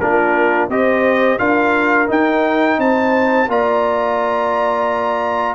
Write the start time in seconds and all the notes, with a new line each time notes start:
0.00 A#3 D4 F4 A#4
0.69 C4 G4 C5 D#5
1.39 D4 F4 A#4 F5
2.07 D#4 G5
2.78 C4 C5 A5
3.48 A#3 F4 D5 A#5